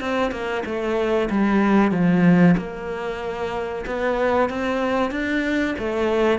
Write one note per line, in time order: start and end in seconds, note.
0.00 0.32 C4
0.32 0.64 A#3
0.65 1.29 A3
1.30 1.91 G3
1.91 2.55 F3
2.57 3.85 A#3
3.86 4.49 B3
4.49 5.11 C4
5.11 5.75 D4
5.79 6.39 A3